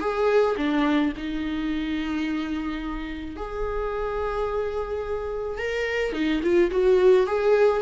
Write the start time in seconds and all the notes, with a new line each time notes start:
0.00 G#4
0.57 D4
1.17 D#4
3.36 G#4
5.58 A#4
6.13 D#4
6.43 F4
6.71 F#4
7.26 G#4